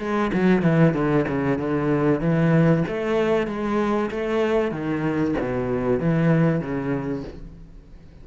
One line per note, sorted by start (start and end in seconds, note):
0.00 0.32 G#3
0.34 0.63 F#3
0.63 0.94 E3
0.94 1.26 D3
1.28 1.58 C#3
1.58 2.21 D3
2.21 2.84 E3
2.88 3.47 A3
3.47 4.11 G#3
4.11 4.72 A3
4.72 5.35 D#3
5.41 6.00 B2
6.00 6.61 E3
6.61 7.24 C#3